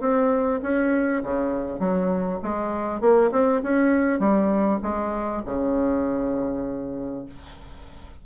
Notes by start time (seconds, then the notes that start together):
0.00 C4
0.62 C#4
1.23 C#3
1.79 F#3
2.42 G#3
3.00 A#3
3.31 C4
3.63 C#4
4.19 G3
4.82 G#3
5.45 C#3